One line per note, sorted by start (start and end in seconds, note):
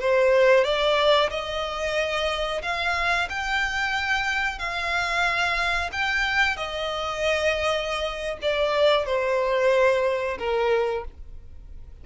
0.00 0.64 C5
0.64 1.30 D5
1.30 2.62 D#5
2.62 3.28 F5
3.29 4.59 G5
4.59 5.90 F5
5.92 6.56 G5
6.56 8.38 D#5
8.42 9.06 D5
9.06 10.38 C5
10.39 11.05 A#4